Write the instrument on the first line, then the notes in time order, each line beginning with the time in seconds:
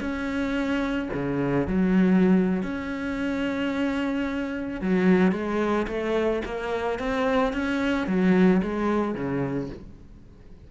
cello
0.00 C#4
1.14 C#3
1.68 F#3
2.63 C#4
4.81 F#3
5.32 G#3
5.88 A3
6.45 A#3
6.99 C4
7.53 C#4
8.07 F#3
8.63 G#3
9.15 C#3